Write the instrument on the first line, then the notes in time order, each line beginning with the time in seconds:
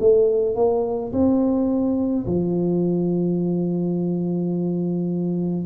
tuba
0.00 A3
0.56 A#3
1.13 C4
2.26 F3